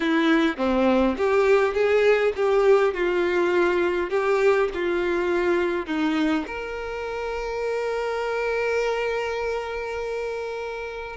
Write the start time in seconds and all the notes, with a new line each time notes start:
0.00 E4
0.57 C4
1.17 G4
1.74 G#4
2.36 G4
2.94 F4
4.10 G4
4.74 F4
5.86 D#4
6.46 A#4